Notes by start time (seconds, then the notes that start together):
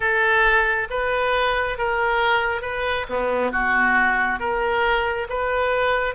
0.00 A4
0.89 B4
1.78 A#4
2.61 B4
3.09 B3
3.51 F#4
4.39 A#4
5.29 B4